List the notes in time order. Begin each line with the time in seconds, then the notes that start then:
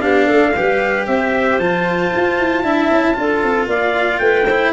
0.00 B3 D4 G4 F5
0.26 A3 A4
0.56 G3 G4 B4
1.06 C4 C5 E5
1.58 F3 F4 A5
2.16 F4
2.39 E4
2.63 D4 E4 E5
2.90 C#4
3.14 D4 F4 A4
3.42 C4
3.66 A#3 D5 F5
4.18 A3 B4 G5
4.46 E4 C5